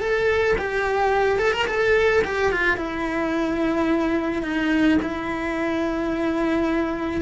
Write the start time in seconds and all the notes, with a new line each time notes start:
0.00 A4
0.58 G4
1.38 A4
1.52 A#4
1.67 A4
2.24 G4
2.52 F4
2.77 E4
4.43 D#4
5.02 E4